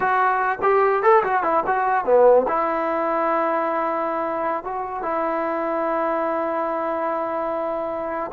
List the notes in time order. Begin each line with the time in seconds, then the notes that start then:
0.00 F#4
0.62 G4
1.02 A4
1.23 F#4
1.43 E4
1.66 F#4
2.05 B3
2.48 E4
4.63 F#4
5.02 E4